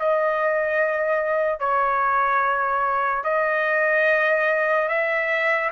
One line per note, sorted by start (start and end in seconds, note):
0.00 1.60 D#5
1.60 3.25 C#5
3.25 4.89 D#5
4.89 5.71 E5